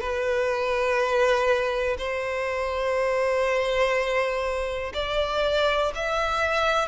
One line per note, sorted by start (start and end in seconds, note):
0.00 1.97 B4
1.98 4.93 C5
4.94 5.92 D5
5.95 6.88 E5